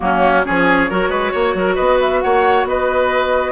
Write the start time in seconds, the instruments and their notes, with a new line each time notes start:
0.00 bassoon F#3, clarinet A#3, oboe C#4, flute F#4
0.45 bassoon F3, clarinet C#4, oboe G#4, flute C#5
0.90 bassoon F#3, clarinet F#4, oboe A#4
1.09 bassoon G#3, oboe B4
1.32 bassoon A#3, oboe C#5
1.54 bassoon F#3, oboe A#4
1.74 bassoon B3, oboe B4, flute D#5
2.00 flute E5
2.21 bassoon A#3, oboe C#5, flute F#5
2.64 bassoon B3, oboe B4, flute D#5